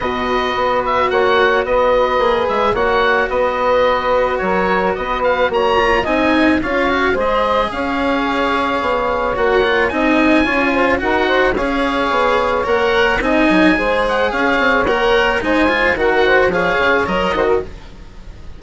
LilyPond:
<<
  \new Staff \with { instrumentName = "oboe" } { \time 4/4 \tempo 4 = 109 dis''4. e''8 fis''4 dis''4~ | dis''8 e''8 fis''4 dis''2 | cis''4 dis''8 f''8 ais''4 gis''4 | f''4 dis''4 f''2~ |
f''4 fis''4 gis''2 | fis''4 f''2 fis''4 | gis''4. fis''8 f''4 fis''4 | gis''4 fis''4 f''4 dis''4 | }
  \new Staff \with { instrumentName = "saxophone" } { \time 4/4 b'2 cis''4 b'4~ | b'4 cis''4 b'2 | ais'4 b'4 cis''4 dis''4 | cis''4 c''4 cis''2~ |
cis''2 dis''4 cis''8 c''8 | ais'8 c''8 cis''2. | dis''4 c''4 cis''2 | c''4 ais'8 c''8 cis''4. c''16 ais'16 | }
  \new Staff \with { instrumentName = "cello" } { \time 4/4 fis'1 | gis'4 fis'2.~ | fis'2~ fis'8 f'8 dis'4 | f'8 fis'8 gis'2.~ |
gis'4 fis'8 f'8 dis'4 f'4 | fis'4 gis'2 ais'4 | dis'4 gis'2 ais'4 | dis'8 f'8 fis'4 gis'4 ais'8 fis'8 | }
  \new Staff \with { instrumentName = "bassoon" } { \time 4/4 b,4 b4 ais4 b4 | ais8 gis8 ais4 b2 | fis4 b4 ais4 c'4 | cis'4 gis4 cis'2 |
b4 ais4 c'4 cis'4 | dis'4 cis'4 b4 ais4 | c'8 fis8 gis4 cis'8 c'8 ais4 | gis4 dis4 f8 cis8 fis8 dis8 | }
>>